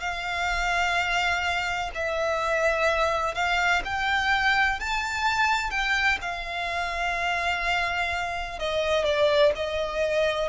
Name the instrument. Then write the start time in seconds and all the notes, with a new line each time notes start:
violin
0.00 F5
1.94 E5
3.34 F5
3.84 G5
4.80 A5
5.70 G5
6.21 F5
8.58 D#5
9.04 D5
9.55 D#5